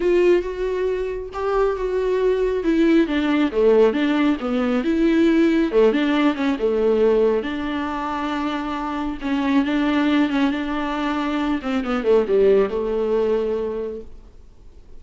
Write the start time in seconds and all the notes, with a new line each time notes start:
0.00 F4
0.42 F#4
1.33 G4
1.76 F#4
2.63 E4
3.07 D4
3.51 A3
3.93 D4
4.40 B3
4.84 E4
5.71 A3
5.92 D4
6.34 C#4
6.58 A3
7.42 D4
9.21 C#4
9.64 D4
10.29 C#4
10.50 D4
11.62 C4
11.84 B3
12.03 A3
12.27 G3
12.69 A3